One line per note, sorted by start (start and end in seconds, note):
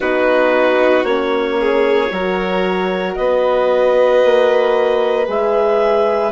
0.00 1.04 B3
0.00 1.05 D#4
0.00 1.56 F#4
0.00 1.04 B4
1.04 2.09 A#3
1.04 2.11 C#4
1.04 3.15 C#5
1.59 2.12 G#4
2.11 3.16 F#3
2.11 5.26 F#4
2.11 3.17 A#4
3.15 4.23 B3
3.15 6.32 B4
3.15 5.26 D#5
4.24 5.28 A#3
5.26 6.32 G#3
5.26 6.32 G#4
5.26 6.32 E5